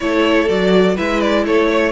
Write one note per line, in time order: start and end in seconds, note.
0.00 0.49 A3
0.00 0.47 E4
0.00 0.95 A4
0.00 0.48 C#5
0.47 0.98 F#3
0.47 0.95 F#4
0.47 0.96 D5
0.95 1.47 G#3
0.95 1.91 E4
0.95 1.43 B4
0.95 1.20 E5
1.20 1.44 D5
1.46 1.91 A3
1.46 1.68 A4
1.46 1.91 C#5
1.68 1.91 C#5